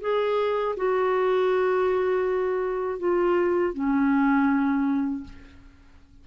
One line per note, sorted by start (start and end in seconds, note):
0.00 0.75 G#4
0.76 2.99 F#4
2.99 3.74 F4
3.74 5.24 C#4